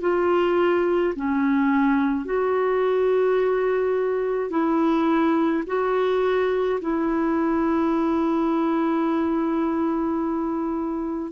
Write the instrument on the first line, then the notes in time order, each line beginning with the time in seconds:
clarinet
0.00 F4
1.15 C#4
2.24 F#4
4.50 E4
5.66 F#4
6.81 E4